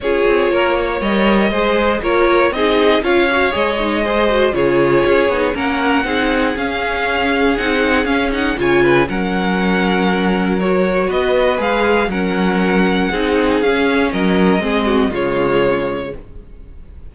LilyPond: <<
  \new Staff \with { instrumentName = "violin" } { \time 4/4 \tempo 4 = 119 cis''2 dis''2 | cis''4 dis''4 f''4 dis''4~ | dis''4 cis''2 fis''4~ | fis''4 f''2 fis''4 |
f''8 fis''8 gis''4 fis''2~ | fis''4 cis''4 dis''4 f''4 | fis''2. f''4 | dis''2 cis''2 | }
  \new Staff \with { instrumentName = "violin" } { \time 4/4 gis'4 ais'8 cis''4. c''4 | ais'4 gis'4 cis''2 | c''4 gis'2 ais'4 | gis'1~ |
gis'4 cis''8 b'8 ais'2~ | ais'2 b'2 | ais'2 gis'2 | ais'4 gis'8 fis'8 f'2 | }
  \new Staff \with { instrumentName = "viola" } { \time 4/4 f'2 ais'4 gis'4 | f'4 dis'4 f'8 fis'8 gis'8 dis'8 | gis'8 fis'8 f'4. dis'8 cis'4 | dis'4 cis'2 dis'4 |
cis'8 dis'8 f'4 cis'2~ | cis'4 fis'2 gis'4 | cis'2 dis'4 cis'4~ | cis'4 c'4 gis2 | }
  \new Staff \with { instrumentName = "cello" } { \time 4/4 cis'8 c'8 ais4 g4 gis4 | ais4 c'4 cis'4 gis4~ | gis4 cis4 cis'8 b8 ais4 | c'4 cis'2 c'4 |
cis'4 cis4 fis2~ | fis2 b4 gis4 | fis2 c'4 cis'4 | fis4 gis4 cis2 | }
>>